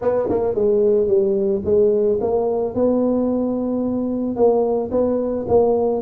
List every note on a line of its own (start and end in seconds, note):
0.01 0.29 B3
0.29 0.55 A#3
0.55 1.07 G#3
1.07 1.62 G3
1.64 2.19 G#3
2.20 2.74 A#3
2.74 4.36 B3
4.36 4.90 A#3
4.91 5.45 B3
5.48 6.01 A#3